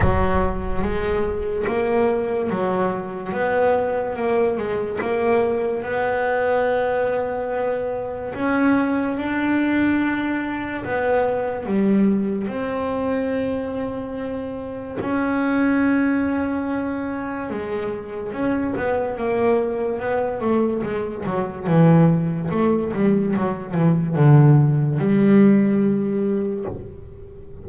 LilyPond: \new Staff \with { instrumentName = "double bass" } { \time 4/4 \tempo 4 = 72 fis4 gis4 ais4 fis4 | b4 ais8 gis8 ais4 b4~ | b2 cis'4 d'4~ | d'4 b4 g4 c'4~ |
c'2 cis'2~ | cis'4 gis4 cis'8 b8 ais4 | b8 a8 gis8 fis8 e4 a8 g8 | fis8 e8 d4 g2 | }